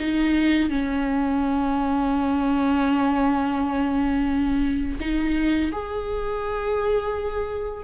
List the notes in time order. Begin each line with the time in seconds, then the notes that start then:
0.00 D#4
0.70 C#4
5.00 D#4
5.72 G#4